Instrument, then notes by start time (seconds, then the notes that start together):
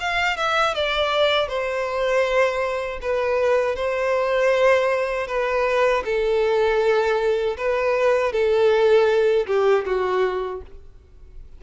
violin
0.00 F5
0.37 E5
0.74 D5
1.47 C5
3.01 B4
3.75 C5
5.27 B4
6.04 A4
7.57 B4
8.32 A4
9.47 G4
9.85 F#4